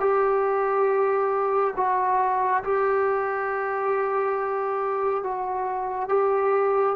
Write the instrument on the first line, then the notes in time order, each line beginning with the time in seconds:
trombone
0.00 G4
1.76 F#4
2.63 G4
5.23 F#4
6.09 G4